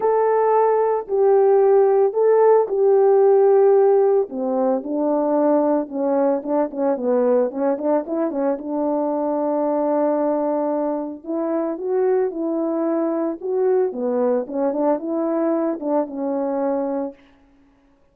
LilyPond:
\new Staff \with { instrumentName = "horn" } { \time 4/4 \tempo 4 = 112 a'2 g'2 | a'4 g'2. | c'4 d'2 cis'4 | d'8 cis'8 b4 cis'8 d'8 e'8 cis'8 |
d'1~ | d'4 e'4 fis'4 e'4~ | e'4 fis'4 b4 cis'8 d'8 | e'4. d'8 cis'2 | }